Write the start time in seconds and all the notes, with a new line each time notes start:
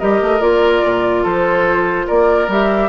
0.00 G3 G4 A#4 D#5
0.22 A3
0.40 A#3 F4 D5
0.84 A#2
1.23 F3 A4 C5
2.08 A#3 A#4 D5
2.48 G3 G4 E5